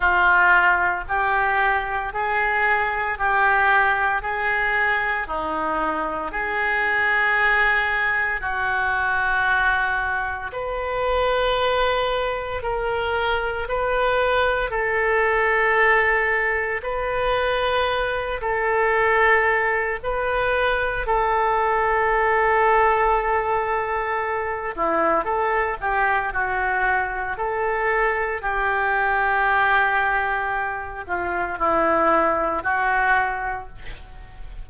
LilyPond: \new Staff \with { instrumentName = "oboe" } { \time 4/4 \tempo 4 = 57 f'4 g'4 gis'4 g'4 | gis'4 dis'4 gis'2 | fis'2 b'2 | ais'4 b'4 a'2 |
b'4. a'4. b'4 | a'2.~ a'8 e'8 | a'8 g'8 fis'4 a'4 g'4~ | g'4. f'8 e'4 fis'4 | }